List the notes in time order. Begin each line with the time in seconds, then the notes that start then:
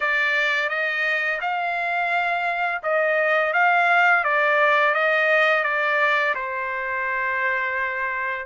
0.00 D5
0.69 D#5
1.40 F5
2.82 D#5
3.53 F5
4.24 D5
4.94 D#5
5.63 D5
6.35 C5